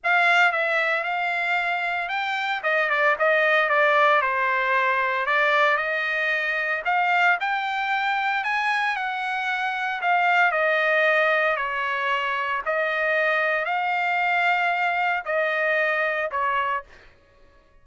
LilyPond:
\new Staff \with { instrumentName = "trumpet" } { \time 4/4 \tempo 4 = 114 f''4 e''4 f''2 | g''4 dis''8 d''8 dis''4 d''4 | c''2 d''4 dis''4~ | dis''4 f''4 g''2 |
gis''4 fis''2 f''4 | dis''2 cis''2 | dis''2 f''2~ | f''4 dis''2 cis''4 | }